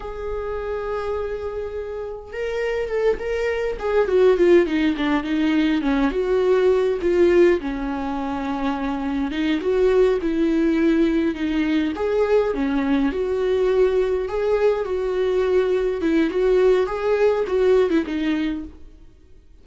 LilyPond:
\new Staff \with { instrumentName = "viola" } { \time 4/4 \tempo 4 = 103 gis'1 | ais'4 a'8 ais'4 gis'8 fis'8 f'8 | dis'8 d'8 dis'4 cis'8 fis'4. | f'4 cis'2. |
dis'8 fis'4 e'2 dis'8~ | dis'8 gis'4 cis'4 fis'4.~ | fis'8 gis'4 fis'2 e'8 | fis'4 gis'4 fis'8. e'16 dis'4 | }